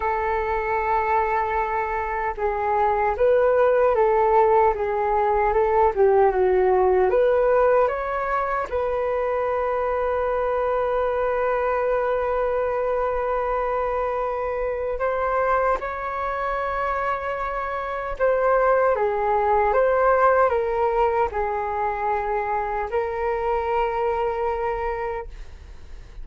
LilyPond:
\new Staff \with { instrumentName = "flute" } { \time 4/4 \tempo 4 = 76 a'2. gis'4 | b'4 a'4 gis'4 a'8 g'8 | fis'4 b'4 cis''4 b'4~ | b'1~ |
b'2. c''4 | cis''2. c''4 | gis'4 c''4 ais'4 gis'4~ | gis'4 ais'2. | }